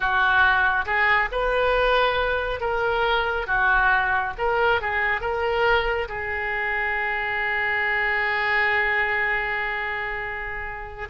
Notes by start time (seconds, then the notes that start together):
0.00 F#4
0.85 G#4
1.31 B4
2.60 A#4
3.46 F#4
4.38 A#4
4.81 G#4
5.21 A#4
6.08 G#4